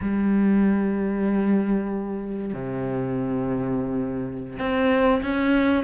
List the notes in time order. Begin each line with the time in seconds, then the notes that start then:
0.01 G3
2.53 C3
4.58 C4
5.22 C#4